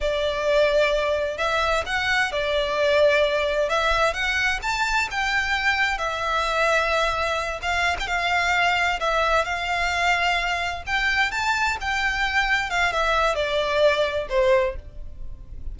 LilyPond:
\new Staff \with { instrumentName = "violin" } { \time 4/4 \tempo 4 = 130 d''2. e''4 | fis''4 d''2. | e''4 fis''4 a''4 g''4~ | g''4 e''2.~ |
e''8 f''8. g''16 f''2 e''8~ | e''8 f''2. g''8~ | g''8 a''4 g''2 f''8 | e''4 d''2 c''4 | }